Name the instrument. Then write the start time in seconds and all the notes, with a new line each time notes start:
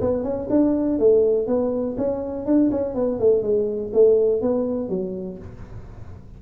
tuba
0.00 B3
0.23 C#4
0.50 D4
0.99 A3
1.47 B3
1.97 C#4
2.45 D4
2.71 C#4
2.94 B3
3.19 A3
3.42 G#3
3.93 A3
4.41 B3
4.89 F#3